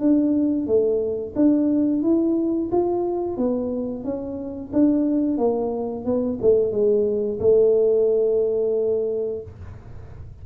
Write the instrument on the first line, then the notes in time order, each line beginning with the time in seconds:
tuba
0.00 D4
0.67 A3
1.36 D4
2.03 E4
2.72 F4
3.38 B3
4.04 C#4
4.73 D4
5.38 A#3
6.06 B3
6.42 A3
6.72 G#3
7.40 A3